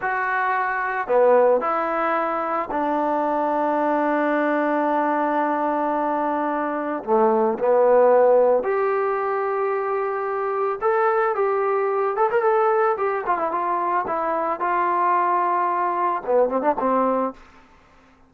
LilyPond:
\new Staff \with { instrumentName = "trombone" } { \time 4/4 \tempo 4 = 111 fis'2 b4 e'4~ | e'4 d'2.~ | d'1~ | d'4 a4 b2 |
g'1 | a'4 g'4. a'16 ais'16 a'4 | g'8 f'16 e'16 f'4 e'4 f'4~ | f'2 b8 c'16 d'16 c'4 | }